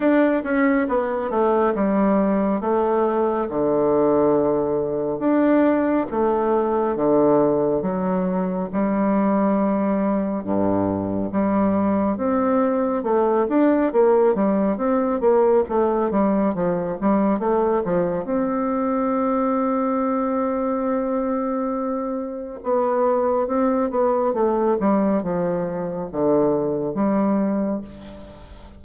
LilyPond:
\new Staff \with { instrumentName = "bassoon" } { \time 4/4 \tempo 4 = 69 d'8 cis'8 b8 a8 g4 a4 | d2 d'4 a4 | d4 fis4 g2 | g,4 g4 c'4 a8 d'8 |
ais8 g8 c'8 ais8 a8 g8 f8 g8 | a8 f8 c'2.~ | c'2 b4 c'8 b8 | a8 g8 f4 d4 g4 | }